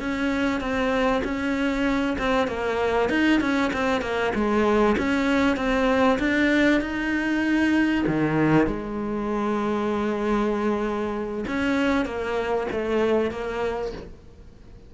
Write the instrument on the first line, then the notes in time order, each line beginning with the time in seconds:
cello
0.00 C#4
0.60 C4
1.24 C#4
2.18 C4
2.47 A#3
3.10 D#4
3.41 C#4
3.73 C4
4.02 A#3
4.35 G#3
4.98 C#4
5.57 C4
6.19 D4
6.81 D#4
8.07 D#3
8.67 G#3
11.48 C#4
12.05 A#3
12.72 A3
13.31 A#3